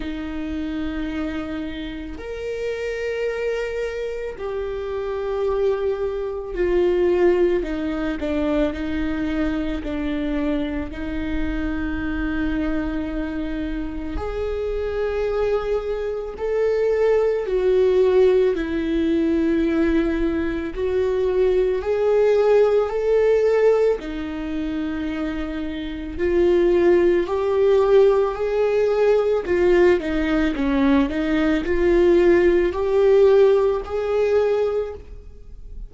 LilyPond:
\new Staff \with { instrumentName = "viola" } { \time 4/4 \tempo 4 = 55 dis'2 ais'2 | g'2 f'4 dis'8 d'8 | dis'4 d'4 dis'2~ | dis'4 gis'2 a'4 |
fis'4 e'2 fis'4 | gis'4 a'4 dis'2 | f'4 g'4 gis'4 f'8 dis'8 | cis'8 dis'8 f'4 g'4 gis'4 | }